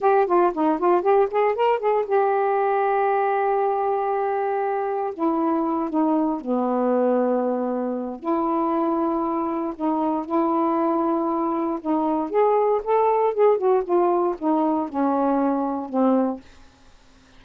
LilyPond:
\new Staff \with { instrumentName = "saxophone" } { \time 4/4 \tempo 4 = 117 g'8 f'8 dis'8 f'8 g'8 gis'8 ais'8 gis'8 | g'1~ | g'2 e'4. dis'8~ | dis'8 b2.~ b8 |
e'2. dis'4 | e'2. dis'4 | gis'4 a'4 gis'8 fis'8 f'4 | dis'4 cis'2 c'4 | }